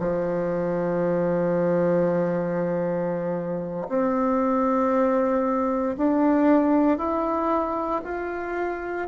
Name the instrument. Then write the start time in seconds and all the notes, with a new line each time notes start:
bassoon
0.00 F3
3.89 C4
5.98 D4
6.98 E4
8.05 F4